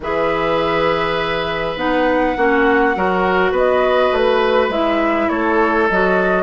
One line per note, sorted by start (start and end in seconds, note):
0.00 1.75 E3
0.00 1.77 G#4
0.00 2.37 B4
0.00 1.77 E5
1.75 2.34 B3
1.75 2.36 D#4
1.75 3.54 F#5
2.36 2.95 A#3
2.36 2.95 C#4
2.36 2.96 F#4
2.95 3.51 F#3
2.95 4.71 F#4
2.95 3.51 A#4
3.51 4.10 B3
3.51 5.28 B4
3.51 4.15 D#5
4.11 4.68 A3
4.11 4.72 B4
4.68 5.27 G#3
4.68 5.89 E4
4.68 5.28 E5
5.28 5.89 A3
5.28 6.43 A4
5.28 5.87 C#5
5.89 6.43 F#3
5.89 6.43 F#4
5.89 6.43 D#5